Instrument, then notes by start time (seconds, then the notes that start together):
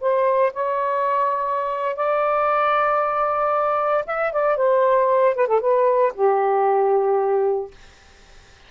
saxophone
0.00 C5
0.53 C#5
1.96 D5
4.06 E5
4.32 D5
4.57 C5
5.35 B4
5.47 A4
5.60 B4
6.14 G4